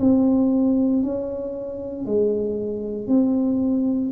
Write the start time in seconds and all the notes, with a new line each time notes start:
0.00 C4
1.03 C#4
2.06 G#3
3.08 C4